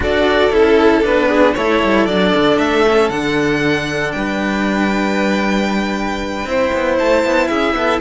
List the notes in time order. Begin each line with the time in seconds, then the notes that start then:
0.00 D4 F#4 A4 D5
0.50 C#4 E4 A4
1.02 B3 D4 B4
1.28 G#4
1.54 A3 E4 A4 C#5
1.83 G3
2.06 F#3 D4 D5
2.35 D3
2.57 A3 E5
2.87 C#4
3.09 D3 D4 F#5
4.11 G3 B4 G5
6.44 C4 E4 C5
6.73 B3
6.98 A3 A5
7.24 B3
7.47 C#4 G#4 E5
7.73 B3 A4